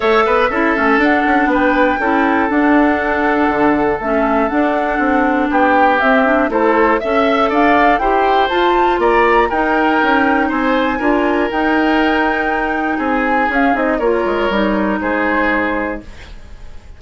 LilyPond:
<<
  \new Staff \with { instrumentName = "flute" } { \time 4/4 \tempo 4 = 120 e''2 fis''4 g''4~ | g''4 fis''2. | e''4 fis''2 g''4 | e''4 c''4 e''4 f''4 |
g''4 a''4 ais''4 g''4~ | g''4 gis''2 g''4~ | g''2 gis''4 f''8 dis''8 | cis''2 c''2 | }
  \new Staff \with { instrumentName = "oboe" } { \time 4/4 cis''8 b'8 a'2 b'4 | a'1~ | a'2. g'4~ | g'4 a'4 e''4 d''4 |
c''2 d''4 ais'4~ | ais'4 c''4 ais'2~ | ais'2 gis'2 | ais'2 gis'2 | }
  \new Staff \with { instrumentName = "clarinet" } { \time 4/4 a'4 e'8 cis'8 d'2 | e'4 d'2. | cis'4 d'2. | c'8 d'8 e'4 a'2 |
g'4 f'2 dis'4~ | dis'2 f'4 dis'4~ | dis'2. cis'8 dis'8 | f'4 dis'2. | }
  \new Staff \with { instrumentName = "bassoon" } { \time 4/4 a8 b8 cis'8 a8 d'8 cis'8 b4 | cis'4 d'2 d4 | a4 d'4 c'4 b4 | c'4 a4 cis'4 d'4 |
e'4 f'4 ais4 dis'4 | cis'4 c'4 d'4 dis'4~ | dis'2 c'4 cis'8 c'8 | ais8 gis8 g4 gis2 | }
>>